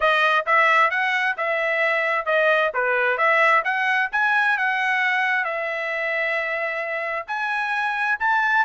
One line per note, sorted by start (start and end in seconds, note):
0.00 0.45 D#5
0.45 0.90 E5
0.90 1.35 F#5
1.37 2.25 E5
2.25 2.71 D#5
2.74 3.17 B4
3.17 3.62 E5
3.64 4.09 F#5
4.12 4.57 G#5
4.57 5.44 F#5
5.44 7.26 E5
7.27 8.18 G#5
8.19 8.65 A5